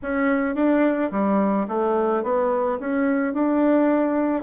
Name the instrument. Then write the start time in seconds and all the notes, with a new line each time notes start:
bassoon
0.02 C#4
0.55 D4
1.11 G3
1.68 A3
2.23 B3
2.79 C#4
3.33 D4